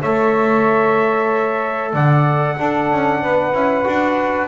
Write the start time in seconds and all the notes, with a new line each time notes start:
0.00 A3 A4 C#5 E5
1.93 D3 D5 F#5
2.57 D4 A4
2.92 C#4
3.22 B3 B4
3.53 C#4 E4
3.84 D4 F#4